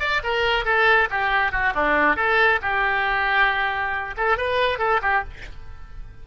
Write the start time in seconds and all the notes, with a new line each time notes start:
0.00 D5
0.24 A#4
0.65 A4
1.10 G4
1.52 F#4
1.74 D4
2.16 A4
2.62 G4
4.17 A4
4.38 B4
4.79 A4
5.02 G4